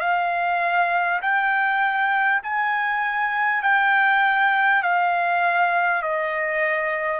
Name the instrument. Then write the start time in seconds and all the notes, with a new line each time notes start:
trumpet
0.00 F5
1.22 G5
2.43 G#5
3.62 G5
4.82 F5
6.02 D#5